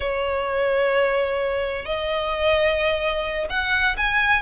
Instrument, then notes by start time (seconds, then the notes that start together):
violin
0.00 C#5
1.85 D#5
3.49 F#5
3.97 G#5